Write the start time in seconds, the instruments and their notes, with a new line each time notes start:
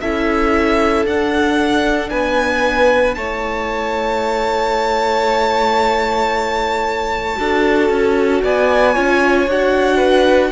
0.00 cello C#4, viola E4, violin A4 E5
1.05 cello D4, viola D4, violin F#5
2.09 cello B3, violin B4 G#5
3.14 cello A3, viola E4, violin C#5 A5
7.36 cello D4, viola F#4, violin A4
7.89 cello C#4
8.43 cello B3, violin D5 G#5
8.94 cello C#4, viola F4, violin C#5
9.47 cello D4, viola F#4, violin F#5
9.97 violin B4